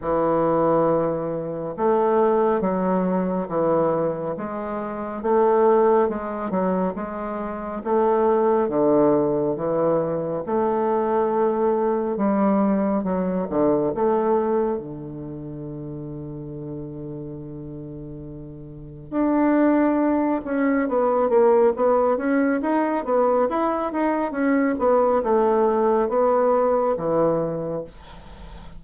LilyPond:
\new Staff \with { instrumentName = "bassoon" } { \time 4/4 \tempo 4 = 69 e2 a4 fis4 | e4 gis4 a4 gis8 fis8 | gis4 a4 d4 e4 | a2 g4 fis8 d8 |
a4 d2.~ | d2 d'4. cis'8 | b8 ais8 b8 cis'8 dis'8 b8 e'8 dis'8 | cis'8 b8 a4 b4 e4 | }